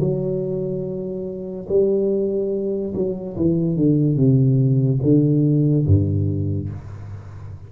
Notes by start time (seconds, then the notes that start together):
0.00 F#3
1.68 G3
2.94 F#3
3.36 E3
3.76 D3
4.16 C3
5.02 D3
5.86 G2